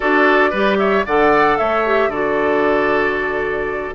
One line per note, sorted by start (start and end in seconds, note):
0.00 0.52 D4
0.00 0.52 F#4
0.00 0.50 A4
0.00 0.78 D5
0.50 1.05 G3
0.50 1.05 G4
0.50 0.76 B4
0.78 1.05 C#5
0.78 1.04 E5
1.05 1.59 D3
1.05 1.85 A4
1.05 1.58 D5
1.05 1.57 F#5
1.57 2.07 A3
1.57 2.10 C#5
1.57 2.10 E5
1.85 2.12 G4
2.07 3.91 D3
2.07 3.94 F#4
2.07 3.94 A4
2.07 3.94 D5